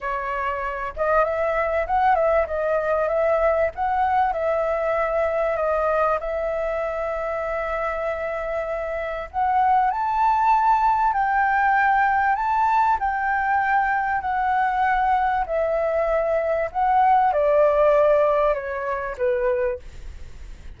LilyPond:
\new Staff \with { instrumentName = "flute" } { \time 4/4 \tempo 4 = 97 cis''4. dis''8 e''4 fis''8 e''8 | dis''4 e''4 fis''4 e''4~ | e''4 dis''4 e''2~ | e''2. fis''4 |
a''2 g''2 | a''4 g''2 fis''4~ | fis''4 e''2 fis''4 | d''2 cis''4 b'4 | }